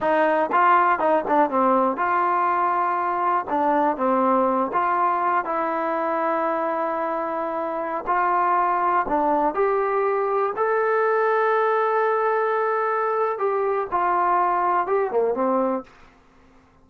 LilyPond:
\new Staff \with { instrumentName = "trombone" } { \time 4/4 \tempo 4 = 121 dis'4 f'4 dis'8 d'8 c'4 | f'2. d'4 | c'4. f'4. e'4~ | e'1~ |
e'16 f'2 d'4 g'8.~ | g'4~ g'16 a'2~ a'8.~ | a'2. g'4 | f'2 g'8 ais8 c'4 | }